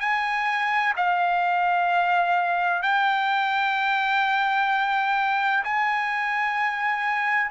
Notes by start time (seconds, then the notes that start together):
0.00 G#5
0.97 F5
2.83 G5
5.64 G#5